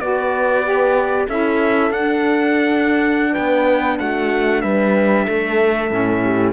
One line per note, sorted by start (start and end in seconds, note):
0.00 1.28 B3
0.00 0.64 F#4
0.00 1.28 B4
0.00 1.28 D5
0.64 1.28 G4
1.28 1.91 C#4
1.28 1.91 E4
1.28 3.32 A4
1.28 1.92 E5
1.91 3.35 D4
1.91 5.90 D4
1.91 3.34 F#5
3.32 4.00 B3
3.32 3.96 B4
3.32 3.98 G5
3.99 4.63 A3
3.99 4.63 F#4
3.99 4.62 F#5
4.62 5.27 G3
4.62 5.25 B4
4.62 6.53 E5
5.25 5.91 A3
5.25 6.20 A4
5.90 6.54 A2
5.90 6.54 C#4
6.24 6.54 G4